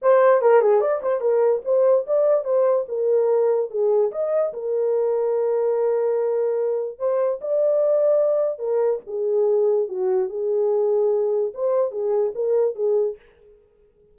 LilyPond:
\new Staff \with { instrumentName = "horn" } { \time 4/4 \tempo 4 = 146 c''4 ais'8 gis'8 d''8 c''8 ais'4 | c''4 d''4 c''4 ais'4~ | ais'4 gis'4 dis''4 ais'4~ | ais'1~ |
ais'4 c''4 d''2~ | d''4 ais'4 gis'2 | fis'4 gis'2. | c''4 gis'4 ais'4 gis'4 | }